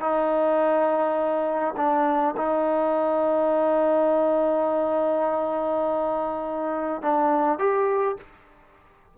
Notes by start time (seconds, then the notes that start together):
0.00 D#4
1.77 D4
2.37 D#4
7.02 D4
7.59 G4